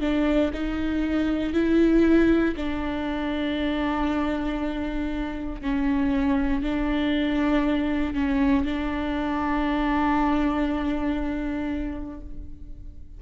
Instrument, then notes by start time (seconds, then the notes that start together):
viola
0.00 D4
0.53 D#4
1.53 E4
2.56 D4
5.61 C#4
6.62 D4
8.14 C#4
8.64 D4